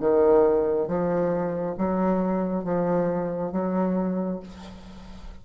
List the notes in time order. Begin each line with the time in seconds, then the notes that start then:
0.00 D#3
0.87 F3
1.77 F#3
2.64 F3
3.52 F#3